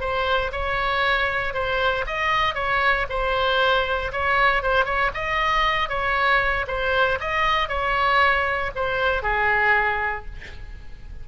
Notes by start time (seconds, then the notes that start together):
0.00 C5
0.52 C#5
1.54 C5
2.06 D#5
2.55 C#5
3.09 C5
4.12 C#5
4.62 C5
4.85 C#5
5.14 D#5
5.89 C#5
6.67 C5
7.20 D#5
7.68 C#5
8.76 C5
9.23 G#4